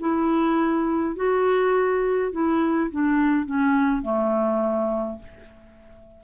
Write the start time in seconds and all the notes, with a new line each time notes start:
0.00 E4
1.16 F#4
2.32 E4
2.91 D4
3.46 C#4
4.03 A3